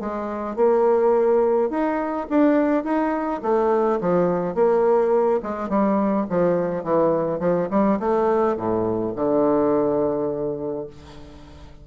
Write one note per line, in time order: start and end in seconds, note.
0.00 0.56 G#3
0.56 1.70 A#3
1.70 2.27 D#4
2.29 2.84 D4
2.84 3.41 D#4
3.43 4.00 A3
4.01 4.55 F3
4.55 5.41 A#3
5.43 5.69 G#3
5.69 6.26 G3
6.29 6.84 F3
6.84 7.40 E3
7.40 7.68 F3
7.70 7.99 G3
8.00 8.57 A3
8.57 9.14 A2
9.15 10.87 D3